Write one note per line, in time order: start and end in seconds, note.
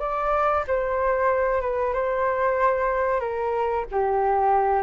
0.00 0.65 D5
0.68 1.62 C5
1.62 1.94 B4
1.94 3.21 C5
3.21 3.85 A#4
3.92 4.83 G4